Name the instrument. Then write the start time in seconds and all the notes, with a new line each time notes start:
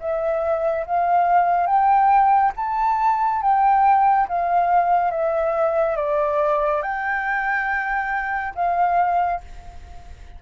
flute
0.00 E5
0.86 F5
1.67 G5
2.57 A5
3.42 G5
4.29 F5
5.12 E5
5.96 D5
6.83 G5
8.55 F5